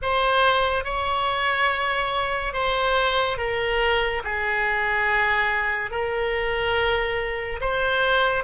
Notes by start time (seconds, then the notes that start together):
0.02 C5
0.84 C#5
2.53 C5
3.37 A#4
4.24 G#4
5.90 A#4
7.60 C5